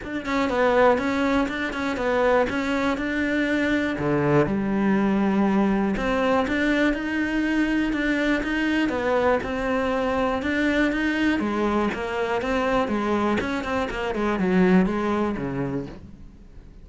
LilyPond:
\new Staff \with { instrumentName = "cello" } { \time 4/4 \tempo 4 = 121 d'8 cis'8 b4 cis'4 d'8 cis'8 | b4 cis'4 d'2 | d4 g2. | c'4 d'4 dis'2 |
d'4 dis'4 b4 c'4~ | c'4 d'4 dis'4 gis4 | ais4 c'4 gis4 cis'8 c'8 | ais8 gis8 fis4 gis4 cis4 | }